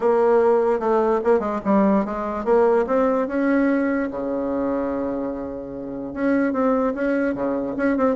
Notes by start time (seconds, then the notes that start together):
0.00 A#3
0.79 A3
1.24 A#3
1.39 G#3
1.64 G3
2.05 G#3
2.44 A#3
2.87 C4
3.27 C#4
4.10 C#3
6.13 C#4
6.53 C4
6.94 C#4
7.34 C#3
7.76 C#4
7.97 C4